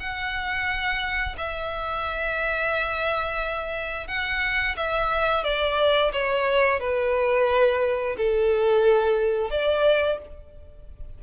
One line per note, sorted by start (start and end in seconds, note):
0.00 1.36 F#5
1.38 4.08 E5
4.08 4.76 F#5
4.77 5.44 E5
5.44 6.12 D5
6.13 6.80 C#5
6.80 8.16 B4
8.17 9.51 A4
9.51 10.19 D5